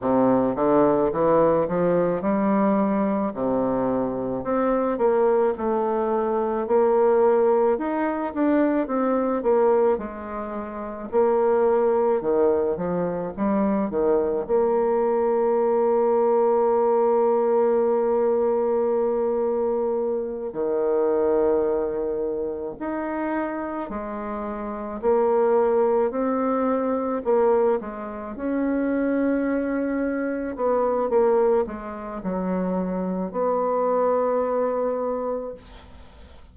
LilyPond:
\new Staff \with { instrumentName = "bassoon" } { \time 4/4 \tempo 4 = 54 c8 d8 e8 f8 g4 c4 | c'8 ais8 a4 ais4 dis'8 d'8 | c'8 ais8 gis4 ais4 dis8 f8 | g8 dis8 ais2.~ |
ais2~ ais8 dis4.~ | dis8 dis'4 gis4 ais4 c'8~ | c'8 ais8 gis8 cis'2 b8 | ais8 gis8 fis4 b2 | }